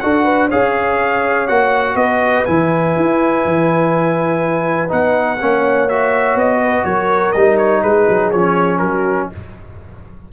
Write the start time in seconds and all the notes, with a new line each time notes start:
0.00 D4 F#4 A4 F#5
0.24 B4
0.48 C#4 G#4 C#5 F5
1.48 A#3 F#4 F#5
1.95 B3 B4 D#5
2.46 E3 E4 G#5
2.96 E4
3.45 E3
4.89 B3 D#4 F#5
5.39 A#3 C#4 C#5
5.89 F#4 E5
6.35 B3 D#5
6.62 B4
6.85 F#3 A#4 C#5
7.32 G3 D#4 D#5
7.58 C#5
7.82 G#3 G#4 B4
8.09 F#3
8.31 F3 C#4 C#5
8.79 F#3 F#4 A#4